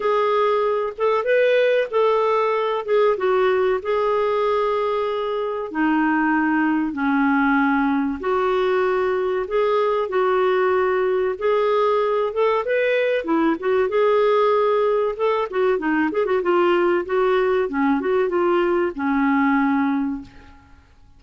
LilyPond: \new Staff \with { instrumentName = "clarinet" } { \time 4/4 \tempo 4 = 95 gis'4. a'8 b'4 a'4~ | a'8 gis'8 fis'4 gis'2~ | gis'4 dis'2 cis'4~ | cis'4 fis'2 gis'4 |
fis'2 gis'4. a'8 | b'4 e'8 fis'8 gis'2 | a'8 fis'8 dis'8 gis'16 fis'16 f'4 fis'4 | cis'8 fis'8 f'4 cis'2 | }